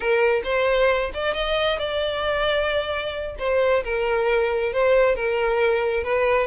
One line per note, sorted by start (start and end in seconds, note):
0.00 0.42 A#4
0.44 1.11 C5
1.14 1.34 D5
1.34 1.78 D#5
1.78 3.35 D5
3.38 3.83 C5
3.84 4.73 A#4
4.73 5.15 C5
5.15 6.03 A#4
6.03 6.47 B4